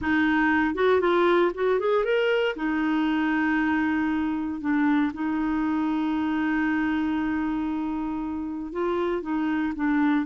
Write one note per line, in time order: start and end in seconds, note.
0.01 0.75 D#4
0.75 1.00 F#4
1.00 1.52 F4
1.54 1.79 F#4
1.79 2.04 G#4
2.04 2.55 A#4
2.55 4.60 D#4
4.60 5.11 D4
5.13 8.72 D#4
8.72 9.21 F4
9.21 9.73 D#4
9.75 10.25 D4